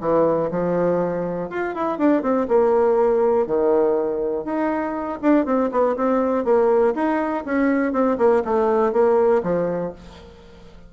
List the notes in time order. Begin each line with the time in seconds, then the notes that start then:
0.00 E3
0.50 F3
1.49 F4
1.74 E4
1.98 D4
2.22 C4
2.48 A#3
3.46 D#3
4.44 D#4
5.22 D4
5.45 C4
5.71 B3
5.96 C4
6.44 A#3
6.94 D#4
7.45 C#4
7.92 C4
8.17 A#3
8.44 A3
8.92 A#3
9.43 F3